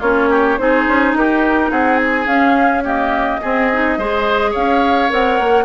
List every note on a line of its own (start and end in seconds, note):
0.00 0.58 A#3
0.00 0.59 C#4
0.00 0.28 F4
0.00 0.58 C#5
0.30 0.59 G4
0.58 0.87 C4
0.58 2.27 D#4
0.58 1.18 G#4
0.58 1.15 C5
0.87 1.14 C#4
1.14 1.70 D#4
1.14 1.71 G4
1.14 1.72 A#4
1.71 2.26 C4
1.71 2.84 G#4
1.71 1.97 F#5
1.97 2.26 G#5
2.26 3.40 C#4
2.26 2.84 C#4
2.26 2.83 F5
2.84 3.41 A#3
2.84 3.41 G4
2.84 4.54 D#5
3.42 3.71 C4
3.42 3.98 C4
3.42 3.99 G#4
3.73 4.00 D#4
3.98 4.54 G#3
3.98 5.10 G#4
3.98 4.51 C5
4.51 5.12 C#4
4.51 5.64 C#5
4.51 5.11 F5
5.10 5.40 C4
5.10 5.65 A#4
5.10 5.65 F#5
5.40 5.65 A#3